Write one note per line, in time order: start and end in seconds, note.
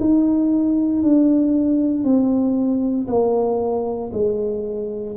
0.00 1.03 D#4
1.03 2.04 D4
2.04 3.08 C4
3.08 4.11 A#3
4.13 5.17 G#3